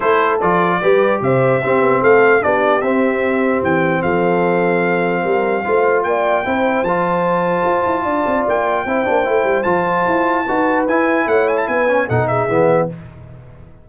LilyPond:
<<
  \new Staff \with { instrumentName = "trumpet" } { \time 4/4 \tempo 4 = 149 c''4 d''2 e''4~ | e''4 f''4 d''4 e''4~ | e''4 g''4 f''2~ | f''2. g''4~ |
g''4 a''2.~ | a''4 g''2. | a''2. gis''4 | fis''8 gis''16 a''16 gis''4 fis''8 e''4. | }
  \new Staff \with { instrumentName = "horn" } { \time 4/4 a'2 b'4 c''4 | g'4 a'4 g'2~ | g'2 a'2~ | a'4 ais'4 c''4 d''4 |
c''1 | d''2 c''2~ | c''2 b'2 | cis''4 b'4 a'8 gis'4. | }
  \new Staff \with { instrumentName = "trombone" } { \time 4/4 e'4 f'4 g'2 | c'2 d'4 c'4~ | c'1~ | c'2 f'2 |
e'4 f'2.~ | f'2 e'8 d'8 e'4 | f'2 fis'4 e'4~ | e'4. cis'8 dis'4 b4 | }
  \new Staff \with { instrumentName = "tuba" } { \time 4/4 a4 f4 g4 c4 | c'8 b8 a4 b4 c'4~ | c'4 e4 f2~ | f4 g4 a4 ais4 |
c'4 f2 f'8 e'8 | d'8 c'8 ais4 c'8 ais8 a8 g8 | f4 e'4 dis'4 e'4 | a4 b4 b,4 e4 | }
>>